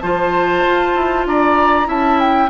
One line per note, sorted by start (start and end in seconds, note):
0.00 0.65 F3
0.00 1.85 F4
0.00 1.27 C5
0.00 1.25 A5
0.67 0.95 F4
0.95 1.26 E4
1.26 1.88 D4
1.26 1.88 D5
1.26 1.89 A#5
1.85 2.50 C#4
1.85 2.48 E4
1.85 2.50 E5
1.85 2.19 A5
2.19 2.50 G5